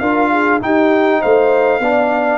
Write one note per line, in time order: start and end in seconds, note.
0.00 0.61 D4
0.00 0.61 F4
0.00 0.31 A#4
0.00 0.60 F5
0.32 0.61 G#4
0.61 1.81 D#4
0.61 1.22 D#4
0.61 1.21 G4
0.61 1.22 G5
1.21 1.80 A3
1.21 1.81 C5
1.21 2.39 F5
1.80 2.39 B3
1.80 2.39 D4
1.80 2.39 D5